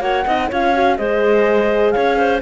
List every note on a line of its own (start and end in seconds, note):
0.00 0.24 A#3
0.00 0.24 F#4
0.00 0.25 C#5
0.00 0.49 F#5
0.26 0.51 C4
0.26 0.50 D#4
0.26 0.48 D#5
0.48 0.98 C#4
0.48 0.74 F4
0.48 0.96 C#5
0.48 0.97 F5
0.74 0.97 F#4
0.97 1.94 G#3
0.97 2.41 G#4
0.97 1.94 C5
0.97 1.91 D#5
1.91 2.41 C#4
1.91 2.17 C#5
1.91 2.39 F5
2.17 2.41 C5